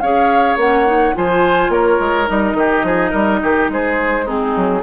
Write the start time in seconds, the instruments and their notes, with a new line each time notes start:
0.00 bassoon C#4, clarinet G#4, oboe C#5, flute F5
0.56 bassoon A#3, clarinet C#4, flute F#5
0.86 clarinet D#4
1.14 bassoon F3, clarinet F4, oboe C5, flute G#5
1.69 bassoon A#3, oboe A#4, flute C#5
2.00 bassoon G#3
2.26 bassoon G3, clarinet D#4, flute D#5
2.53 bassoon D#3, oboe G4
2.83 bassoon F3, oboe G#4
3.10 bassoon G3, oboe A#4
3.42 bassoon D#3, oboe G4
3.69 bassoon G#3, oboe G#4, flute C5
4.25 clarinet C4, oboe D#4, flute G#4
4.56 bassoon F#3